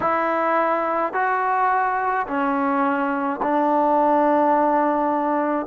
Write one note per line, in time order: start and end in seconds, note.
0.00 1.13 E4
1.13 2.26 F#4
2.27 3.40 C#4
3.42 5.66 D4